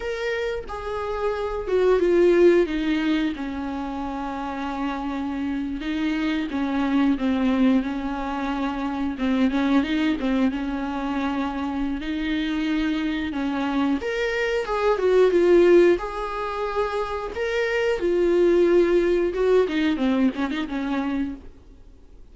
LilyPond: \new Staff \with { instrumentName = "viola" } { \time 4/4 \tempo 4 = 90 ais'4 gis'4. fis'8 f'4 | dis'4 cis'2.~ | cis'8. dis'4 cis'4 c'4 cis'16~ | cis'4.~ cis'16 c'8 cis'8 dis'8 c'8 cis'16~ |
cis'2 dis'2 | cis'4 ais'4 gis'8 fis'8 f'4 | gis'2 ais'4 f'4~ | f'4 fis'8 dis'8 c'8 cis'16 dis'16 cis'4 | }